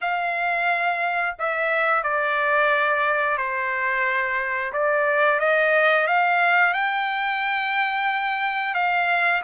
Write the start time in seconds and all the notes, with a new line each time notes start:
0.01 F5
1.38 E5
2.03 D5
3.37 C5
4.72 D5
5.39 D#5
6.07 F5
6.73 G5
8.74 F5